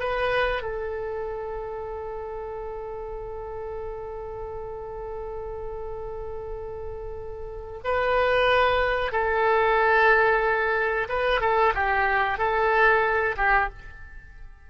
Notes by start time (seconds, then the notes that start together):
0.00 B4
0.63 A4
7.84 B4
9.12 A4
11.09 B4
11.41 A4
11.75 G4
12.38 A4
13.37 G4